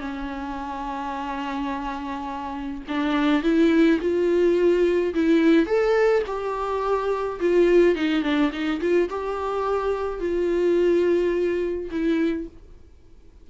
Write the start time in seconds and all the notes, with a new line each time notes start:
0.00 C#4
2.88 D4
3.43 E4
4.01 F4
5.14 E4
5.66 A4
6.27 G4
7.40 F4
7.96 D#4
8.23 D4
8.52 D#4
8.81 F4
9.10 G4
10.20 F4
11.91 E4